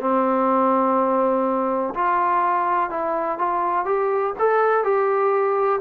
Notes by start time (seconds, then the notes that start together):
0.00 C4
1.94 F4
2.90 E4
3.38 F4
3.85 G4
4.38 A4
4.84 G4